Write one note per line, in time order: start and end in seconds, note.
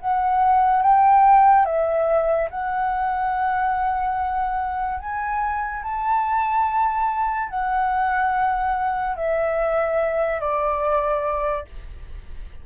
0.00 0.82 F#5
0.82 1.66 G5
1.66 2.49 E5
2.50 5.00 F#5
5.00 5.83 G#5
5.83 7.49 A5
7.49 9.16 F#5
9.16 10.40 E5
10.40 11.65 D5